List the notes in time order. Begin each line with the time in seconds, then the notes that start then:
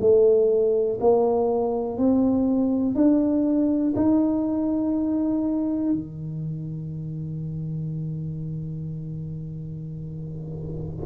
0.00 A3
1.00 A#3
1.97 C4
2.95 D4
3.96 D#4
5.92 D#3